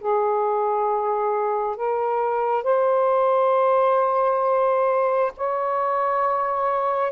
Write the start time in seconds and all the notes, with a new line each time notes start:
0.00 G#4
1.76 A#4
2.63 C5
5.37 C#5